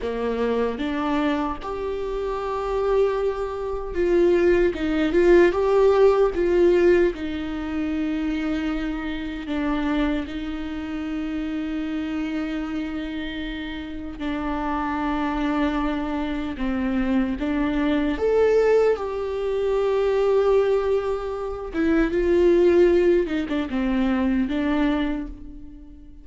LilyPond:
\new Staff \with { instrumentName = "viola" } { \time 4/4 \tempo 4 = 76 ais4 d'4 g'2~ | g'4 f'4 dis'8 f'8 g'4 | f'4 dis'2. | d'4 dis'2.~ |
dis'2 d'2~ | d'4 c'4 d'4 a'4 | g'2.~ g'8 e'8 | f'4. dis'16 d'16 c'4 d'4 | }